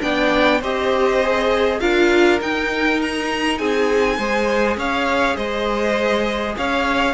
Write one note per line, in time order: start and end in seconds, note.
0.00 0.61 B3
0.00 0.59 D4
0.00 0.60 D5
0.00 0.61 G5
0.60 1.79 C4
0.60 1.22 G4
0.60 1.79 C5
0.60 1.79 D#5
1.22 1.80 G#4
1.79 2.40 D4
1.79 2.39 F4
1.79 3.58 A#4
1.79 2.39 F5
2.40 4.18 D#4
2.40 3.59 D#4
2.40 3.01 G5
3.01 3.58 A#5
3.58 4.18 C4
3.58 4.17 G#4
3.58 4.77 G#5
4.17 4.76 G#3
4.17 7.14 G#4
4.17 4.76 C5
4.76 5.36 C#4
4.76 5.36 C#5
4.76 5.36 F5
5.36 6.55 G#3
5.36 6.55 C5
5.36 6.55 D#5
6.57 7.14 C#4
6.57 7.14 C#5
6.57 7.14 F5